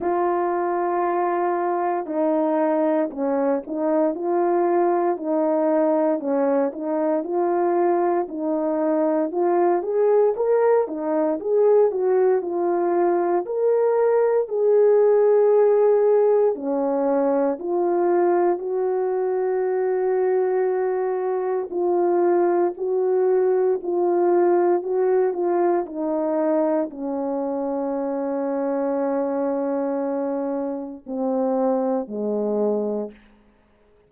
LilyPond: \new Staff \with { instrumentName = "horn" } { \time 4/4 \tempo 4 = 58 f'2 dis'4 cis'8 dis'8 | f'4 dis'4 cis'8 dis'8 f'4 | dis'4 f'8 gis'8 ais'8 dis'8 gis'8 fis'8 | f'4 ais'4 gis'2 |
cis'4 f'4 fis'2~ | fis'4 f'4 fis'4 f'4 | fis'8 f'8 dis'4 cis'2~ | cis'2 c'4 gis4 | }